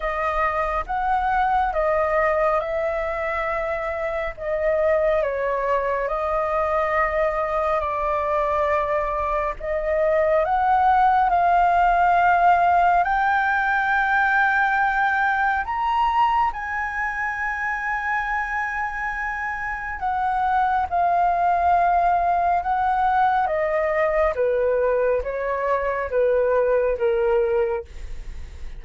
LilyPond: \new Staff \with { instrumentName = "flute" } { \time 4/4 \tempo 4 = 69 dis''4 fis''4 dis''4 e''4~ | e''4 dis''4 cis''4 dis''4~ | dis''4 d''2 dis''4 | fis''4 f''2 g''4~ |
g''2 ais''4 gis''4~ | gis''2. fis''4 | f''2 fis''4 dis''4 | b'4 cis''4 b'4 ais'4 | }